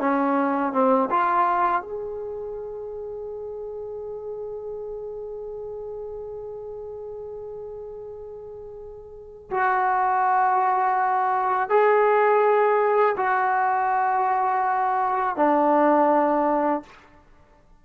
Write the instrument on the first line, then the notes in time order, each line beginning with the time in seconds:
trombone
0.00 C#4
0.73 C4
1.10 F4
1.82 G#4
9.51 F#4
11.69 G#4
13.17 F#4
15.36 D4